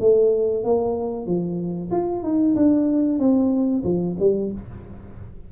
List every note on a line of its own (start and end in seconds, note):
0.00 0.64 A3
0.64 1.26 A#3
1.26 1.91 F3
1.91 2.23 F4
2.23 2.55 D#4
2.55 3.19 D4
3.19 3.84 C4
3.84 4.16 F3
4.20 4.52 G3